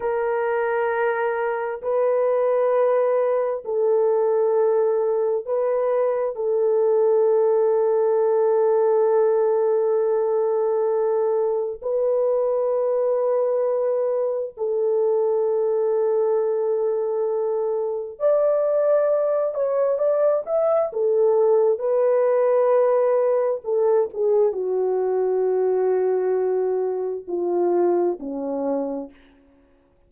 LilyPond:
\new Staff \with { instrumentName = "horn" } { \time 4/4 \tempo 4 = 66 ais'2 b'2 | a'2 b'4 a'4~ | a'1~ | a'4 b'2. |
a'1 | d''4. cis''8 d''8 e''8 a'4 | b'2 a'8 gis'8 fis'4~ | fis'2 f'4 cis'4 | }